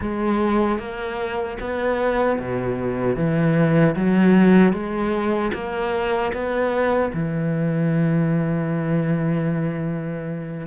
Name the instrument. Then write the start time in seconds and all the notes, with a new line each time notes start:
cello
0.00 G#3
0.78 A#3
1.60 B3
2.39 B2
3.16 E3
3.95 F#3
4.72 G#3
5.53 A#3
6.32 B3
7.13 E3